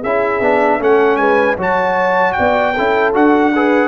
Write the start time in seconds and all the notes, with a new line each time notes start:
0.00 C#4 E4 G#4 E5
0.40 B3 D4
0.79 A3 C#4 A4 F#5
1.16 G#3 B4 G#5
1.57 F#3 F#4 C#5 A5
2.32 D5 G5
2.39 B3
2.74 C#4 E4 A4
3.14 D4 F#4 F#5
3.54 G#4 B4